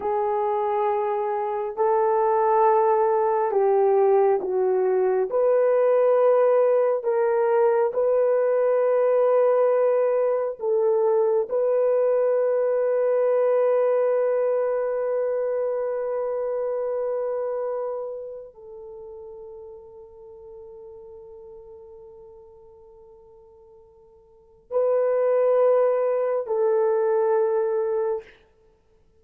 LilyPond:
\new Staff \with { instrumentName = "horn" } { \time 4/4 \tempo 4 = 68 gis'2 a'2 | g'4 fis'4 b'2 | ais'4 b'2. | a'4 b'2.~ |
b'1~ | b'4 a'2.~ | a'1 | b'2 a'2 | }